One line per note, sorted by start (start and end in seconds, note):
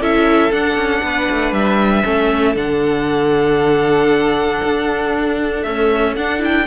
0.00 0.51 C#4
0.00 0.51 E4
0.00 1.03 A4
0.00 0.52 E5
0.51 2.04 D4
0.51 0.76 D4
0.51 1.53 F#5
0.76 1.01 C#4
1.02 1.28 B3
1.02 2.04 B4
1.30 1.52 A3
1.52 2.03 G3
1.52 2.55 E5
2.04 2.55 A3
2.04 2.55 C#4
2.04 6.66 A4
2.55 4.60 D3
2.55 5.63 D4
2.55 5.62 F#5
4.64 5.66 D4
5.62 6.15 A3
5.62 6.17 C#4
5.62 6.14 E5
6.16 6.67 D4
6.16 6.39 D4
6.16 6.42 F#5
6.39 6.64 E4
6.39 6.67 G5